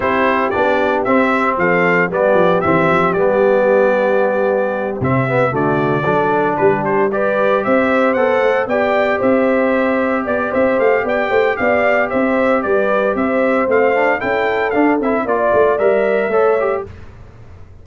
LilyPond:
<<
  \new Staff \with { instrumentName = "trumpet" } { \time 4/4 \tempo 4 = 114 c''4 d''4 e''4 f''4 | d''4 e''4 d''2~ | d''4. e''4 d''4.~ | d''8 b'8 c''8 d''4 e''4 fis''8~ |
fis''8 g''4 e''2 d''8 | e''8 f''8 g''4 f''4 e''4 | d''4 e''4 f''4 g''4 | f''8 e''8 d''4 e''2 | }
  \new Staff \with { instrumentName = "horn" } { \time 4/4 g'2. a'4 | g'1~ | g'2~ g'8 fis'4 a'8~ | a'8 g'4 b'4 c''4.~ |
c''8 d''4 c''2 d''8 | c''4 d''8 c''8 d''4 c''4 | b'4 c''2 a'4~ | a'4 d''2 cis''4 | }
  \new Staff \with { instrumentName = "trombone" } { \time 4/4 e'4 d'4 c'2 | b4 c'4 b2~ | b4. c'8 b8 a4 d'8~ | d'4. g'2 a'8~ |
a'8 g'2.~ g'8~ | g'1~ | g'2 c'8 d'8 e'4 | d'8 e'8 f'4 ais'4 a'8 g'8 | }
  \new Staff \with { instrumentName = "tuba" } { \time 4/4 c'4 b4 c'4 f4 | g8 f8 e8 f8 g2~ | g4. c4 d4 fis8~ | fis8 g2 c'4 b8 |
a8 b4 c'2 b8 | c'8 a8 b8 a8 b4 c'4 | g4 c'4 a4 cis'4 | d'8 c'8 ais8 a8 g4 a4 | }
>>